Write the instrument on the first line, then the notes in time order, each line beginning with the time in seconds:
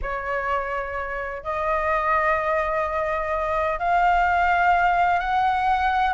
flute
0.02 C#5
1.43 D#5
3.79 F5
5.19 F#5